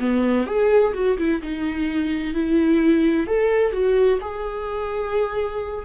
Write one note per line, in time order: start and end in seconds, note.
0.00 0.47 B3
0.47 0.94 G#4
0.94 1.18 F#4
1.18 1.42 E4
1.43 2.34 D#4
2.34 3.27 E4
3.27 3.73 A4
3.73 4.20 F#4
4.22 5.86 G#4